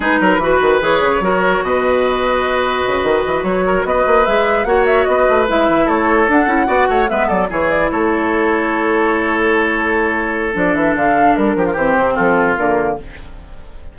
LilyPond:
<<
  \new Staff \with { instrumentName = "flute" } { \time 4/4 \tempo 4 = 148 b'2 cis''2 | dis''1~ | dis''8 cis''4 dis''4 e''4 fis''8 | e''8 dis''4 e''4 cis''4 fis''8~ |
fis''4. e''8 d''8 cis''8 d''8 cis''8~ | cis''1~ | cis''2 d''8 e''8 f''4 | ais'4 c''4 a'4 ais'4 | }
  \new Staff \with { instrumentName = "oboe" } { \time 4/4 gis'8 ais'8 b'2 ais'4 | b'1~ | b'4 ais'8 b'2 cis''8~ | cis''8 b'2 a'4.~ |
a'8 d''8 cis''8 b'8 a'8 gis'4 a'8~ | a'1~ | a'1~ | a'8 g'16 f'16 g'4 f'2 | }
  \new Staff \with { instrumentName = "clarinet" } { \time 4/4 dis'4 fis'4 gis'4 fis'4~ | fis'1~ | fis'2~ fis'8 gis'4 fis'8~ | fis'4. e'2 d'8 |
e'8 fis'4 b4 e'4.~ | e'1~ | e'2 d'2~ | d'4 c'2 ais4 | }
  \new Staff \with { instrumentName = "bassoon" } { \time 4/4 gis8 fis8 e8 dis8 e8 cis8 fis4 | b,2. cis8 dis8 | e8 fis4 b8 ais8 gis4 ais8~ | ais8 b8 a8 gis8 e8 a4 d'8 |
cis'8 b8 a8 gis8 fis8 e4 a8~ | a1~ | a2 f8 e8 d4 | g8 f8 e8 c8 f4 d4 | }
>>